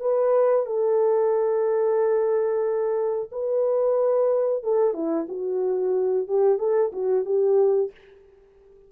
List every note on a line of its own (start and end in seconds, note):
0.00 0.66 B4
0.66 3.30 A4
3.32 4.63 B4
4.63 4.94 A4
4.94 5.27 E4
5.29 6.28 F#4
6.28 6.59 G4
6.59 6.92 A4
6.93 7.25 F#4
7.25 7.91 G4